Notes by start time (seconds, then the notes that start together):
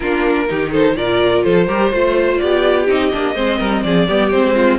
0.00 A#3 D4 F4 A#4
0.48 D#3 D#4 G4
0.71 A4 C5
0.96 A#2 F4 A#4 D5
1.43 F3 A4 C5
1.67 G3 G4 A#4
1.92 A3 F4 C5
2.37 B3 G4 D5
2.86 C4 D#4 D#5
3.11 A#3 D4
3.34 G#3 C4 C5
3.58 G3 A#4
3.83 F3 G#4 D5
4.07 G3 B3 G4
4.30 G#3 C4 C5
4.55 F4